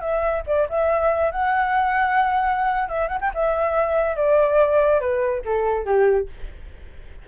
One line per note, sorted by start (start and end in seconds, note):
0.00 0.42 E5
0.46 0.67 D5
0.69 1.31 E5
1.31 2.88 F#5
2.88 3.08 E5
3.08 3.19 F#5
3.21 3.31 G5
3.34 4.16 E5
4.16 5.00 D5
5.00 5.42 B4
5.45 5.85 A4
5.85 6.27 G4